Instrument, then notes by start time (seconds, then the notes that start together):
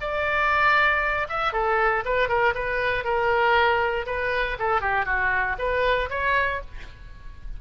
oboe
0.00 D5
1.29 E5
1.52 A4
2.05 B4
2.28 A#4
2.54 B4
3.04 A#4
4.06 B4
4.59 A4
4.81 G4
5.05 F#4
5.58 B4
6.09 C#5